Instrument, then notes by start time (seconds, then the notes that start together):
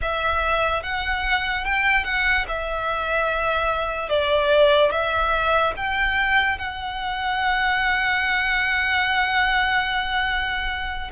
violin
0.01 E5
0.83 F#5
1.64 G5
2.04 F#5
2.48 E5
4.09 D5
4.91 E5
5.76 G5
6.58 F#5